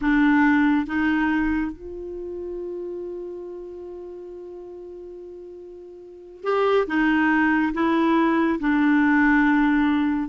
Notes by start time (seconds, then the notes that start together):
0.01 D4
0.86 D#4
1.71 F4
6.43 G4
6.86 D#4
7.73 E4
8.59 D4